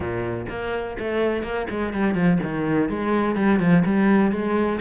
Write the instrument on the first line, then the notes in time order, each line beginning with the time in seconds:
cello
0.00 A#2
0.49 A#3
0.98 A3
1.42 A#3
1.69 G#3
1.93 G3
2.14 F3
2.42 D#3
2.89 G#3
3.35 G3
3.59 F3
3.85 G3
4.31 G#3